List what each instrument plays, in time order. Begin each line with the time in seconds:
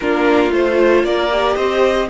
0.00 cello A#3, viola D4, violin F4 A#4
0.51 cello A3, viola F4, violin C5
1.03 cello A#3, violin A#4 D5
1.31 viola G4
1.55 cello C4, violin C5 D#5